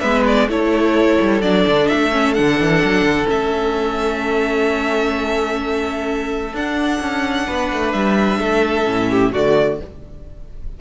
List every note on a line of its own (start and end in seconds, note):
0.00 0.49 G#3
0.00 0.48 B3
0.00 0.47 B4
0.00 0.23 E5
0.27 0.50 D5
0.49 1.18 A3
0.49 1.42 E4
0.49 7.47 A4
0.49 1.42 C#5
1.21 1.42 G3
1.42 1.65 F#3
1.42 2.11 D4
1.42 1.88 D5
1.67 1.90 D3
1.88 2.39 A3
1.88 2.34 E5
2.11 2.35 C#4
2.34 2.60 D3
2.34 3.25 D4
2.34 3.27 F#5
2.60 2.83 E3
2.84 3.02 F#3
3.02 3.25 D3
3.25 6.54 A3
3.25 6.51 C#4
3.25 6.55 E5
6.54 7.00 D4
6.54 8.85 D4
6.54 7.92 F#5
7.01 7.47 C#4
7.47 7.72 B3
7.47 8.40 B4
7.73 7.94 A3
7.92 8.39 G3
7.92 9.32 E5
8.39 8.86 A3
8.39 9.10 A4
8.85 9.33 A2
8.85 9.32 C#4
9.10 9.32 G4
9.32 9.80 D3
9.32 9.81 A3
9.32 9.79 F#4
9.32 9.80 D5